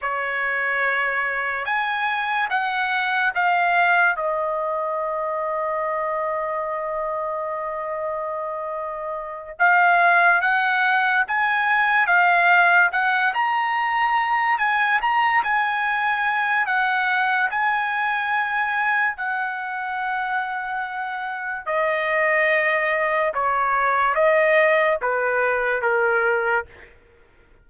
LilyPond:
\new Staff \with { instrumentName = "trumpet" } { \time 4/4 \tempo 4 = 72 cis''2 gis''4 fis''4 | f''4 dis''2.~ | dis''2.~ dis''8 f''8~ | f''8 fis''4 gis''4 f''4 fis''8 |
ais''4. gis''8 ais''8 gis''4. | fis''4 gis''2 fis''4~ | fis''2 dis''2 | cis''4 dis''4 b'4 ais'4 | }